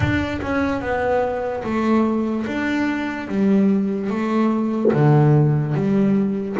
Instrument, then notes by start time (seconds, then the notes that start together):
double bass
0.00 D4
0.41 C#4
0.81 B3
1.63 A3
2.46 D4
3.28 G3
4.09 A3
4.93 D3
5.74 G3